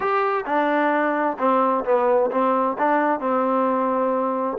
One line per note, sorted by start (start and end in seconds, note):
0.00 0.44 G4
0.45 1.37 D4
1.38 1.84 C4
1.84 2.30 B3
2.31 2.76 C4
2.78 3.20 D4
3.20 4.57 C4